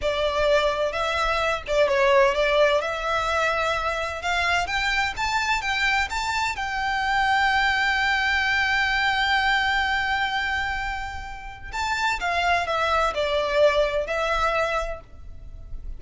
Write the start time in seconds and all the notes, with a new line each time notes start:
0.01 D5
0.92 E5
1.67 D5
1.88 C#5
2.34 D5
2.81 E5
4.22 F5
4.66 G5
5.16 A5
5.61 G5
6.09 A5
6.55 G5
11.72 A5
12.20 F5
12.66 E5
13.14 D5
14.06 E5